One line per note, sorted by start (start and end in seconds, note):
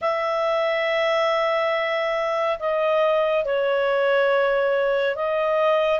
0.01 2.58 E5
2.59 3.44 D#5
3.44 5.15 C#5
5.15 5.99 D#5